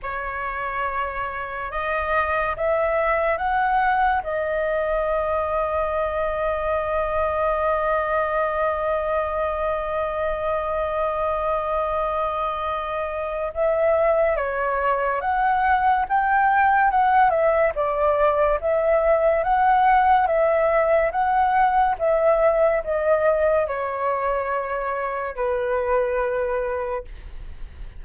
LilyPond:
\new Staff \with { instrumentName = "flute" } { \time 4/4 \tempo 4 = 71 cis''2 dis''4 e''4 | fis''4 dis''2.~ | dis''1~ | dis''1 |
e''4 cis''4 fis''4 g''4 | fis''8 e''8 d''4 e''4 fis''4 | e''4 fis''4 e''4 dis''4 | cis''2 b'2 | }